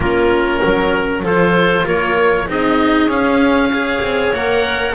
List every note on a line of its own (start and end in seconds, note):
0.00 0.60 A#3
0.00 1.23 C#4
0.00 0.60 F4
0.00 1.23 A#4
0.63 1.23 F#3
0.63 1.23 A#4
1.23 1.84 F3
1.23 2.47 F4
1.23 1.84 A4
1.23 1.87 C5
1.84 2.48 A#3
1.84 2.46 A#4
1.84 2.49 C#5
2.47 3.06 C4
2.47 3.09 D#4
2.47 3.70 G#4
2.47 3.11 D#5
3.06 3.99 C#4
3.06 3.71 C#4
3.06 4.34 F5
3.70 4.34 G#4
3.70 4.94 C#5
4.01 4.32 C4
4.32 4.94 A#3
4.32 4.94 A#4
4.32 4.94 F#5